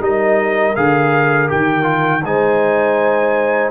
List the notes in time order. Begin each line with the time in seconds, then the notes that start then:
0.00 G3 D#4 A#4 D#5
0.75 D3 G#4 F5
1.47 D#3 G4 G5
1.83 F4
2.23 G#3 D#4 C5 G#5